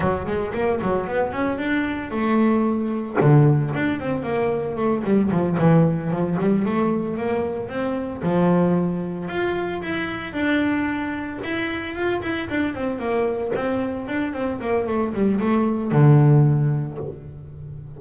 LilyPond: \new Staff \with { instrumentName = "double bass" } { \time 4/4 \tempo 4 = 113 fis8 gis8 ais8 fis8 b8 cis'8 d'4 | a2 d4 d'8 c'8 | ais4 a8 g8 f8 e4 f8 | g8 a4 ais4 c'4 f8~ |
f4. f'4 e'4 d'8~ | d'4. e'4 f'8 e'8 d'8 | c'8 ais4 c'4 d'8 c'8 ais8 | a8 g8 a4 d2 | }